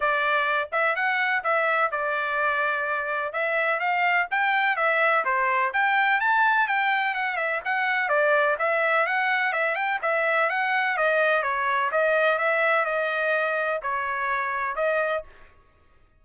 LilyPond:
\new Staff \with { instrumentName = "trumpet" } { \time 4/4 \tempo 4 = 126 d''4. e''8 fis''4 e''4 | d''2. e''4 | f''4 g''4 e''4 c''4 | g''4 a''4 g''4 fis''8 e''8 |
fis''4 d''4 e''4 fis''4 | e''8 g''8 e''4 fis''4 dis''4 | cis''4 dis''4 e''4 dis''4~ | dis''4 cis''2 dis''4 | }